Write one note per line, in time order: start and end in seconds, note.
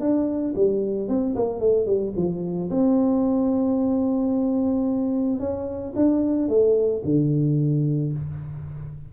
0.00 0.54 D4
0.55 1.08 G3
1.08 1.35 C4
1.36 1.60 A#3
1.60 1.86 A3
1.86 2.13 G3
2.16 2.70 F3
2.71 5.40 C4
5.40 5.94 C#4
5.96 6.49 D4
6.49 7.03 A3
7.05 8.13 D3